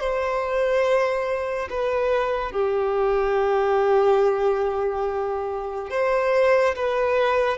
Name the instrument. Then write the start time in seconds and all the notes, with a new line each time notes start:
violin
0.00 C5
1.71 B4
2.52 G4
5.91 C5
6.76 B4